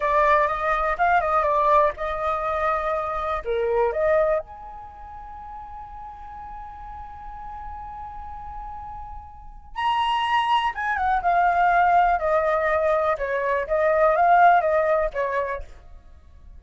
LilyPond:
\new Staff \with { instrumentName = "flute" } { \time 4/4 \tempo 4 = 123 d''4 dis''4 f''8 dis''8 d''4 | dis''2. ais'4 | dis''4 gis''2.~ | gis''1~ |
gis''1 | ais''2 gis''8 fis''8 f''4~ | f''4 dis''2 cis''4 | dis''4 f''4 dis''4 cis''4 | }